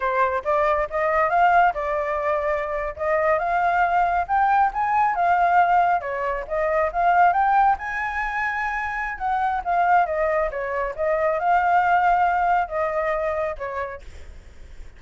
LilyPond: \new Staff \with { instrumentName = "flute" } { \time 4/4 \tempo 4 = 137 c''4 d''4 dis''4 f''4 | d''2~ d''8. dis''4 f''16~ | f''4.~ f''16 g''4 gis''4 f''16~ | f''4.~ f''16 cis''4 dis''4 f''16~ |
f''8. g''4 gis''2~ gis''16~ | gis''4 fis''4 f''4 dis''4 | cis''4 dis''4 f''2~ | f''4 dis''2 cis''4 | }